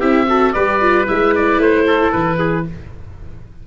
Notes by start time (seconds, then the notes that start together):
0.00 C4 E4 G4 E5
0.27 F#4 A4
0.53 G3 G4 B4 D5
0.81 F4
1.07 G#3 E4 E5
1.36 D5
1.59 A3 C5
1.87 A4
2.12 E3 B4
2.39 G#4